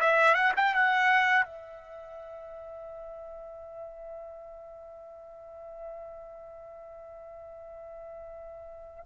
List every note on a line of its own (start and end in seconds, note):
0.00 0.35 E5
0.35 0.53 F#5
0.57 0.74 G5
0.74 1.45 F#5
1.45 9.04 E5